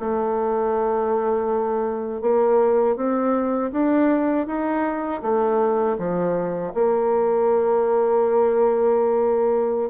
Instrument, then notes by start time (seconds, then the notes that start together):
bassoon
0.00 A3
2.22 A#3
2.97 C4
3.72 D4
4.47 D#4
5.23 A3
5.98 F3
6.75 A#3